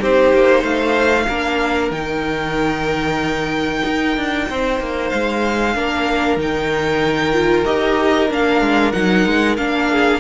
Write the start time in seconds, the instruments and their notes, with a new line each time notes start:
0.00 cello C4, viola D#4, violin G4 C5
0.34 cello A#3
0.61 cello A3, violin C5 F5
1.29 cello A#3, viola D4, violin A#4
1.91 cello D#3, viola D#4, violin G5
3.85 cello D#4
4.17 cello D4
4.50 cello C4, violin C5
4.81 cello A#3
5.10 cello G#3, violin F5
5.75 cello A#3, viola D4, violin A#4
6.37 cello D#3, viola D#4, violin G5
7.34 viola F4
7.65 cello D#4, viola G4, violin D#5
8.31 cello A#3, viola D4, violin F5
8.61 cello G#3
8.93 cello F#3, viola D#4, violin F#5
9.27 cello G#3
9.57 cello A#3, viola D4, violin F5
9.92 violin G#4